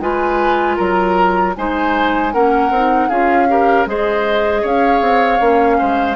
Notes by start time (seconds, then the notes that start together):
0.00 G#3 F4 B4 G#5
0.76 F#3 A#4 A#5
1.56 G#3 D#4 C5 G#5
2.33 A#3 C#4 A#4 F#5
2.70 C4 D#4
3.08 C#4 F4 G#4 F5
3.48 G4 A#4
3.86 G#3 G#4 C5 D#5
4.61 C#4 C#5 F5
5.01 C4
5.40 A#3 C#4
5.79 G#3 C5